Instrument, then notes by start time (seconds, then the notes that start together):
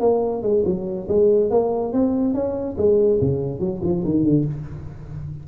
tuba
0.00 A#3
0.42 G#3
0.65 F#3
1.08 G#3
1.51 A#3
1.93 C4
2.34 C#4
2.78 G#3
3.21 C#3
3.60 F#3
3.83 F3
4.05 D#3
4.24 D3